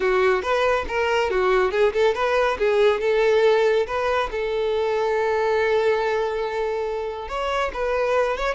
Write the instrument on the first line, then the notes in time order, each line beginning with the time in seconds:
violin
0.00 F#4
0.42 B4
0.88 A#4
1.30 F#4
1.71 G#4
1.93 A4
2.14 B4
2.58 G#4
3.00 A4
3.86 B4
4.31 A4
7.28 C#5
7.73 B4
8.37 C#5